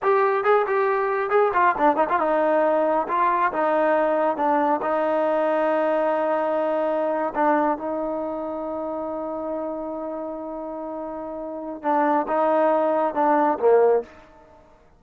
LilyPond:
\new Staff \with { instrumentName = "trombone" } { \time 4/4 \tempo 4 = 137 g'4 gis'8 g'4. gis'8 f'8 | d'8 dis'16 f'16 dis'2 f'4 | dis'2 d'4 dis'4~ | dis'1~ |
dis'8. d'4 dis'2~ dis'16~ | dis'1~ | dis'2. d'4 | dis'2 d'4 ais4 | }